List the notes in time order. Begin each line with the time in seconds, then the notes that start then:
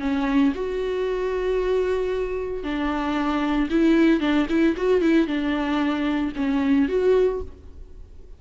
0.00 C#4
0.55 F#4
2.63 D4
3.70 E4
4.20 D4
4.49 E4
4.77 F#4
5.01 E4
5.27 D4
6.36 C#4
6.89 F#4